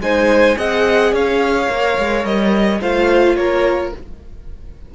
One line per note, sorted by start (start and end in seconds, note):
0.00 0.56 G#3
0.00 0.56 D#4
0.00 0.58 C5
0.00 0.58 G#5
0.56 1.12 C4
0.56 1.68 G#4
0.56 1.13 D#5
0.56 1.14 F#5
1.12 1.68 C#4
1.12 2.81 C#5
1.12 2.25 F5
1.68 1.98 A#3
1.68 2.80 A#4
1.98 2.25 G#3
2.25 2.81 G3
2.25 2.81 D#5
2.81 3.36 A3
2.81 3.93 F4
2.81 3.37 C5
2.81 3.36 F5
3.36 3.92 A#3
3.36 3.95 A#4
3.36 3.92 C#5